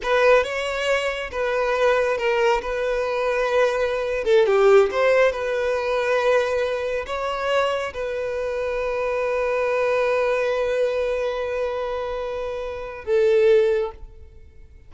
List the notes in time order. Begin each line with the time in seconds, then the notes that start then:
0.03 B4
0.43 C#5
1.31 B4
2.17 A#4
2.61 B4
4.24 A4
4.46 G4
4.91 C5
5.31 B4
7.06 C#5
7.93 B4
13.04 A4